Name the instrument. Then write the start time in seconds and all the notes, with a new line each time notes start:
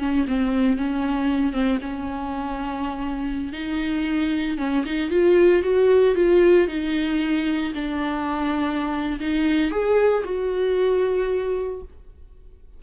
viola
0.00 C#4
0.28 C4
0.78 C#4
1.53 C4
1.82 C#4
3.53 D#4
4.58 C#4
4.86 D#4
5.11 F4
5.63 F#4
6.16 F4
6.68 D#4
7.75 D4
9.21 D#4
9.71 G#4
10.25 F#4